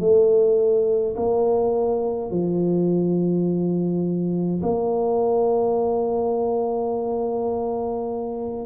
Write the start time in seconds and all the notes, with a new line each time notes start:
0.00 A3
1.16 A#3
2.31 F3
4.63 A#3